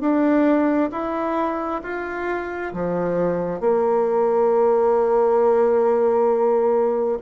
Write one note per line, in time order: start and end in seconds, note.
0.00 0.90 D4
0.92 1.81 E4
1.83 2.73 F4
2.73 3.60 F3
3.60 7.18 A#3